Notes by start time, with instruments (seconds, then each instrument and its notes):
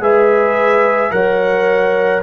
0.00 tuba G#3, trombone G#4, horn B4, trumpet E5
1.11 tuba F#3, trombone A#4, horn C#5, trumpet F#5